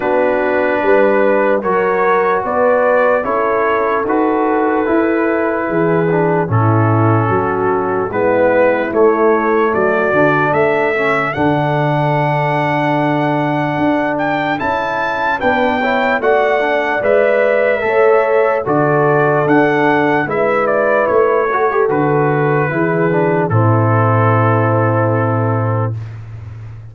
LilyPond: <<
  \new Staff \with { instrumentName = "trumpet" } { \time 4/4 \tempo 4 = 74 b'2 cis''4 d''4 | cis''4 b'2. | a'2 b'4 cis''4 | d''4 e''4 fis''2~ |
fis''4. g''8 a''4 g''4 | fis''4 e''2 d''4 | fis''4 e''8 d''8 cis''4 b'4~ | b'4 a'2. | }
  \new Staff \with { instrumentName = "horn" } { \time 4/4 fis'4 b'4 ais'4 b'4 | a'2. gis'4 | e'4 fis'4 e'2 | fis'4 a'2.~ |
a'2. b'8 cis''8 | d''2 cis''4 a'4~ | a'4 b'4. a'4. | gis'4 e'2. | }
  \new Staff \with { instrumentName = "trombone" } { \time 4/4 d'2 fis'2 | e'4 fis'4 e'4. d'8 | cis'2 b4 a4~ | a8 d'4 cis'8 d'2~ |
d'2 e'4 d'8 e'8 | fis'8 d'8 b'4 a'4 fis'4 | d'4 e'4. fis'16 g'16 fis'4 | e'8 d'8 c'2. | }
  \new Staff \with { instrumentName = "tuba" } { \time 4/4 b4 g4 fis4 b4 | cis'4 dis'4 e'4 e4 | a,4 fis4 gis4 a4 | fis8 d8 a4 d2~ |
d4 d'4 cis'4 b4 | a4 gis4 a4 d4 | d'4 gis4 a4 d4 | e4 a,2. | }
>>